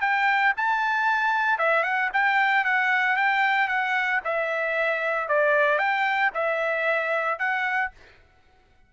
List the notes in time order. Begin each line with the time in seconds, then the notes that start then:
0.00 G5
0.56 A5
1.58 E5
1.83 F#5
2.13 G5
2.64 F#5
3.16 G5
3.67 F#5
4.24 E5
5.28 D5
5.78 G5
6.33 E5
7.38 F#5